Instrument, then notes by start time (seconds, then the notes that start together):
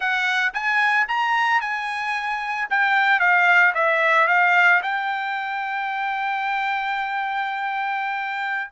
trumpet
0.00 F#5
0.53 G#5
1.08 A#5
1.60 G#5
2.69 G5
3.19 F5
3.74 E5
4.27 F5
4.82 G5